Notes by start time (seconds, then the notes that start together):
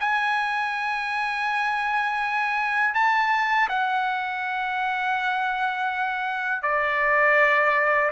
0.00 G#5
2.95 A5
3.69 F#5
6.63 D5